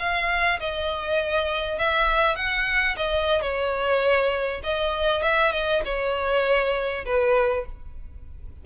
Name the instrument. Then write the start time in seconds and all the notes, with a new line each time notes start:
violin
0.00 F5
0.60 D#5
1.79 E5
2.36 F#5
2.97 D#5
3.42 C#5
4.64 D#5
5.23 E5
5.52 D#5
5.86 C#5
7.06 B4